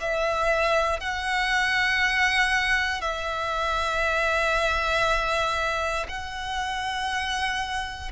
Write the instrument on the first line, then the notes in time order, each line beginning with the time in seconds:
violin
0.00 E5
0.99 F#5
3.01 E5
6.08 F#5